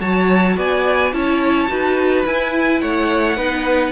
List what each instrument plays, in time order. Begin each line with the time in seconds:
0.00 cello F#3, viola F#4, violin C#5 A5
0.57 cello B3, violin D5 G#5
1.13 cello C#4, viola E4, violin C#5 A5
1.68 cello D#4, viola F#4, violin B4
2.25 viola E4, cello E4, violin G#5
2.80 cello A3, violin C#5 F#5
3.36 cello B3, viola D#4, violin B4